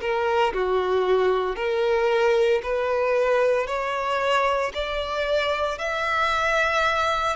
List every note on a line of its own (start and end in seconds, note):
0.00 0.53 A#4
0.53 1.56 F#4
1.56 2.61 A#4
2.63 3.67 B4
3.67 4.72 C#5
4.74 5.78 D5
5.78 7.36 E5